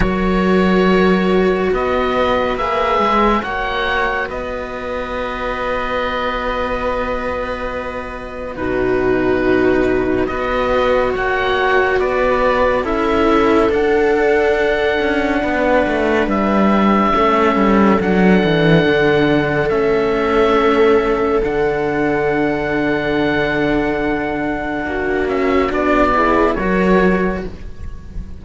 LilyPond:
<<
  \new Staff \with { instrumentName = "oboe" } { \time 4/4 \tempo 4 = 70 cis''2 dis''4 e''4 | fis''4 dis''2.~ | dis''2 b'2 | dis''4 fis''4 d''4 e''4 |
fis''2. e''4~ | e''4 fis''2 e''4~ | e''4 fis''2.~ | fis''4. e''8 d''4 cis''4 | }
  \new Staff \with { instrumentName = "viola" } { \time 4/4 ais'2 b'2 | cis''4 b'2.~ | b'2 fis'2 | b'4 cis''4 b'4 a'4~ |
a'2 b'2 | a'1~ | a'1~ | a'4 fis'4. gis'8 ais'4 | }
  \new Staff \with { instrumentName = "cello" } { \time 4/4 fis'2. gis'4 | fis'1~ | fis'2 dis'2 | fis'2. e'4 |
d'1 | cis'4 d'2 cis'4~ | cis'4 d'2.~ | d'4. cis'8 d'8 e'8 fis'4 | }
  \new Staff \with { instrumentName = "cello" } { \time 4/4 fis2 b4 ais8 gis8 | ais4 b2.~ | b2 b,2 | b4 ais4 b4 cis'4 |
d'4. cis'8 b8 a8 g4 | a8 g8 fis8 e8 d4 a4~ | a4 d2.~ | d4 ais4 b4 fis4 | }
>>